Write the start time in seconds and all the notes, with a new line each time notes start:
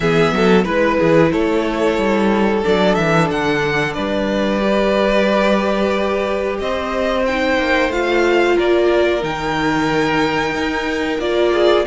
0.00 E3 B3 G#4 E5
0.32 F#3 A4
0.64 G#3 E4 B4
0.97 E3 G#4
1.32 A3 A4 C#5
1.97 G3
2.62 F#3 D4 D5
2.94 E3 E5
3.30 D3 F#5
3.93 G3 B4 D5
4.60 G4
6.59 C4 C5 D#5
7.25 D#4 G5
7.57 A#3
7.89 A3 F4 F5
8.55 A#3 A#4 D5
9.20 D#3 D#4 G5
10.55 D#4
11.18 A#3 F4 D5
11.52 G#4